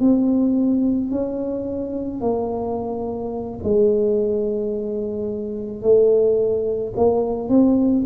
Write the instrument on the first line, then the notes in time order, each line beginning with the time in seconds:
tuba
0.00 C4
1.11 C#4
2.21 A#3
3.64 G#3
5.82 A3
6.96 A#3
7.49 C4